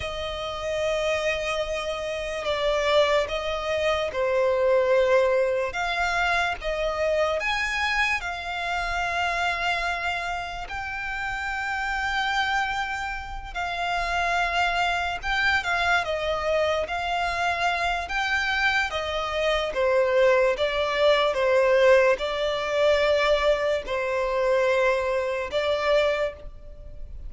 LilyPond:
\new Staff \with { instrumentName = "violin" } { \time 4/4 \tempo 4 = 73 dis''2. d''4 | dis''4 c''2 f''4 | dis''4 gis''4 f''2~ | f''4 g''2.~ |
g''8 f''2 g''8 f''8 dis''8~ | dis''8 f''4. g''4 dis''4 | c''4 d''4 c''4 d''4~ | d''4 c''2 d''4 | }